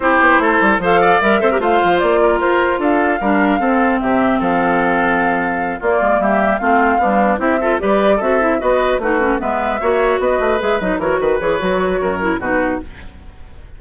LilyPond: <<
  \new Staff \with { instrumentName = "flute" } { \time 4/4 \tempo 4 = 150 c''2 f''4 e''4 | f''4 d''4 c''4 f''4~ | f''2 e''4 f''4~ | f''2~ f''8 d''4 e''8~ |
e''8 f''2 e''4 d''8~ | d''8 e''4 dis''4 b'4 e''8~ | e''4. dis''4 e''8 dis''8 cis''8 | b'8 cis''2~ cis''8 b'4 | }
  \new Staff \with { instrumentName = "oboe" } { \time 4/4 g'4 a'4 c''8 d''4 c''16 ais'16 | c''4. ais'4. a'4 | ais'4 a'4 g'4 a'4~ | a'2~ a'8 f'4 g'8~ |
g'8 f'4 d'4 g'8 a'8 b'8~ | b'8 a'4 b'4 fis'4 b'8~ | b'8 cis''4 b'2 ais'8 | b'2 ais'4 fis'4 | }
  \new Staff \with { instrumentName = "clarinet" } { \time 4/4 e'2 a'4 ais'8 a'16 g'16 | f'1 | d'4 c'2.~ | c'2~ c'8 ais4.~ |
ais8 c'4 g4 e'8 f'8 g'8~ | g'8 fis'8 e'8 fis'4 dis'8 cis'8 b8~ | b8 fis'2 gis'8 dis'8 fis'8~ | fis'8 gis'8 fis'4. e'8 dis'4 | }
  \new Staff \with { instrumentName = "bassoon" } { \time 4/4 c'8 b8 a8 g8 f4 g8 c'8 | a8 f8 ais4 f'4 d'4 | g4 c'4 c4 f4~ | f2~ f8 ais8 gis8 g8~ |
g8 a4 b4 c'4 g8~ | g8 c'4 b4 a4 gis8~ | gis8 ais4 b8 a8 gis8 fis8 e8 | dis8 e8 fis4 fis,4 b,4 | }
>>